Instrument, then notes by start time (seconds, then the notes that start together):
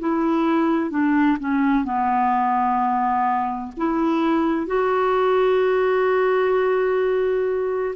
clarinet
0.00 E4
0.91 D4
1.40 C#4
1.85 B3
3.77 E4
4.67 F#4